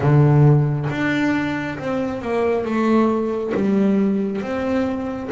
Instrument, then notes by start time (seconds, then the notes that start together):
double bass
0.00 D3
0.89 D4
1.78 C4
2.21 A#3
2.64 A3
3.54 G3
4.41 C4